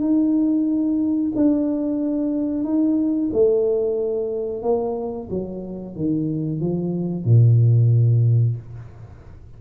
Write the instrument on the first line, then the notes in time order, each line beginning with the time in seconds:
tuba
0.00 D#4
1.35 D4
2.64 D#4
3.33 A3
4.62 A#3
5.30 F#3
5.95 D#3
6.60 F3
7.24 A#2